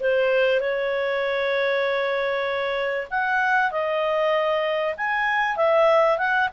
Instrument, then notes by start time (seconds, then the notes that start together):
clarinet
0.00 C5
0.60 C#5
3.10 F#5
3.71 D#5
4.97 G#5
5.56 E5
6.18 F#5